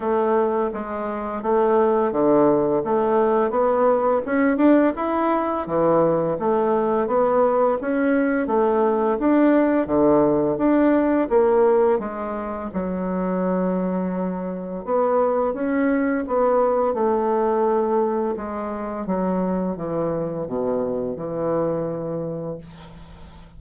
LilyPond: \new Staff \with { instrumentName = "bassoon" } { \time 4/4 \tempo 4 = 85 a4 gis4 a4 d4 | a4 b4 cis'8 d'8 e'4 | e4 a4 b4 cis'4 | a4 d'4 d4 d'4 |
ais4 gis4 fis2~ | fis4 b4 cis'4 b4 | a2 gis4 fis4 | e4 b,4 e2 | }